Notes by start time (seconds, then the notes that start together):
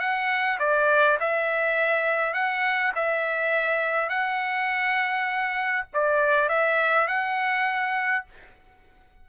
0.00 F#5
0.60 D5
1.20 E5
2.34 F#5
2.95 E5
4.10 F#5
5.94 D5
6.49 E5
7.08 F#5